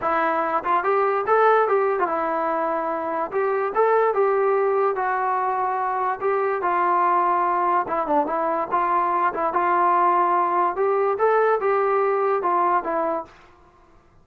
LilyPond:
\new Staff \with { instrumentName = "trombone" } { \time 4/4 \tempo 4 = 145 e'4. f'8 g'4 a'4 | g'8. f'16 e'2. | g'4 a'4 g'2 | fis'2. g'4 |
f'2. e'8 d'8 | e'4 f'4. e'8 f'4~ | f'2 g'4 a'4 | g'2 f'4 e'4 | }